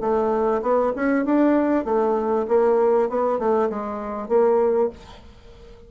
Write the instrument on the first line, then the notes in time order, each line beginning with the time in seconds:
bassoon
0.00 A3
0.62 B3
0.95 C#4
1.25 D4
1.85 A3
2.48 A#3
3.09 B3
3.38 A3
3.69 G#3
4.28 A#3